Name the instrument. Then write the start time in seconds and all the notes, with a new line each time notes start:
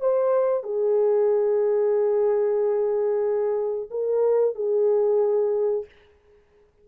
horn
0.00 C5
0.63 G#4
3.90 A#4
4.54 G#4